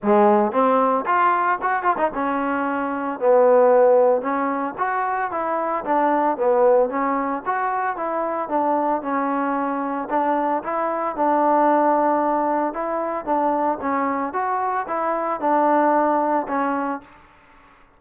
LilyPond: \new Staff \with { instrumentName = "trombone" } { \time 4/4 \tempo 4 = 113 gis4 c'4 f'4 fis'8 f'16 dis'16 | cis'2 b2 | cis'4 fis'4 e'4 d'4 | b4 cis'4 fis'4 e'4 |
d'4 cis'2 d'4 | e'4 d'2. | e'4 d'4 cis'4 fis'4 | e'4 d'2 cis'4 | }